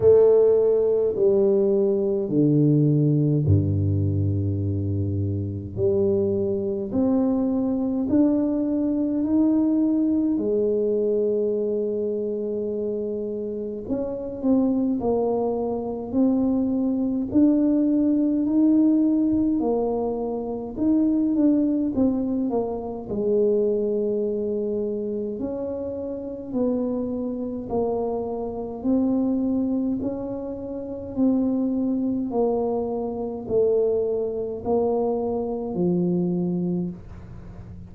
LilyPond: \new Staff \with { instrumentName = "tuba" } { \time 4/4 \tempo 4 = 52 a4 g4 d4 g,4~ | g,4 g4 c'4 d'4 | dis'4 gis2. | cis'8 c'8 ais4 c'4 d'4 |
dis'4 ais4 dis'8 d'8 c'8 ais8 | gis2 cis'4 b4 | ais4 c'4 cis'4 c'4 | ais4 a4 ais4 f4 | }